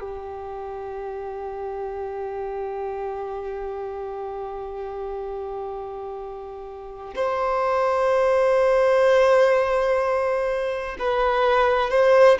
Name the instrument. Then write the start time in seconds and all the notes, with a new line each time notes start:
violin
0.00 G4
7.16 C5
10.99 B4
11.90 C5